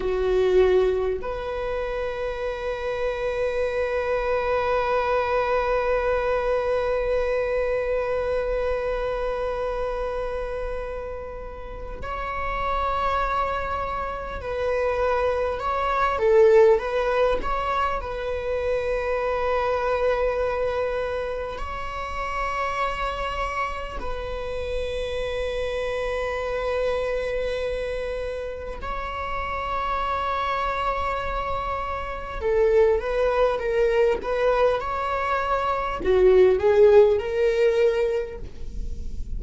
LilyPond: \new Staff \with { instrumentName = "viola" } { \time 4/4 \tempo 4 = 50 fis'4 b'2.~ | b'1~ | b'2 cis''2 | b'4 cis''8 a'8 b'8 cis''8 b'4~ |
b'2 cis''2 | b'1 | cis''2. a'8 b'8 | ais'8 b'8 cis''4 fis'8 gis'8 ais'4 | }